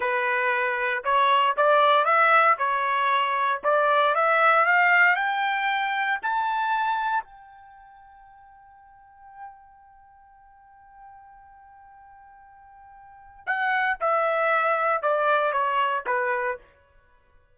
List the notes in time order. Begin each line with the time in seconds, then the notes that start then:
0.00 B4
1.04 C#5
1.56 D5
2.05 E5
2.58 C#5
3.63 D5
4.14 E5
4.65 F5
5.16 G5
6.22 A5
7.23 G5
13.46 F#5
14.00 E5
15.02 D5
15.52 C#5
16.06 B4